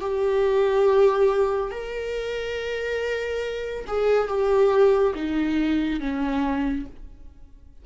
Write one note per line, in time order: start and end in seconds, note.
0.00 1.71 G4
1.71 3.85 A#4
3.87 4.28 G#4
4.28 5.14 G4
5.14 6.00 D#4
6.00 6.85 C#4